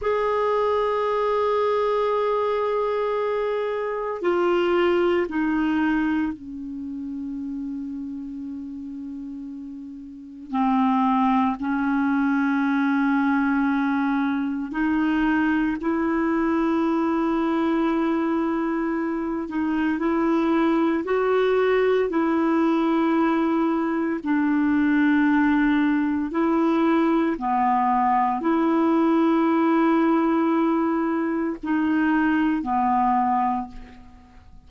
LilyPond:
\new Staff \with { instrumentName = "clarinet" } { \time 4/4 \tempo 4 = 57 gis'1 | f'4 dis'4 cis'2~ | cis'2 c'4 cis'4~ | cis'2 dis'4 e'4~ |
e'2~ e'8 dis'8 e'4 | fis'4 e'2 d'4~ | d'4 e'4 b4 e'4~ | e'2 dis'4 b4 | }